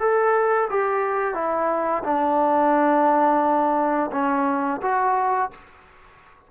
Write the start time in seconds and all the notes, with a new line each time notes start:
0.00 A4
0.70 G4
1.34 E4
2.04 D4
4.12 C#4
4.82 F#4